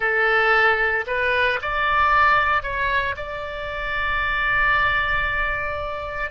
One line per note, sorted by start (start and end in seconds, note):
0.00 1.05 A4
1.07 1.59 B4
1.61 2.62 D5
2.62 3.15 C#5
3.16 6.31 D5